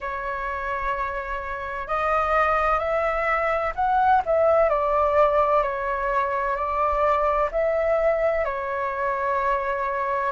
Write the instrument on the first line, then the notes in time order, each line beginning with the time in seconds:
flute
0.00 C#5
1.87 D#5
2.79 E5
3.75 F#5
4.25 E5
4.69 D5
5.62 C#5
6.55 D5
7.51 E5
8.45 C#5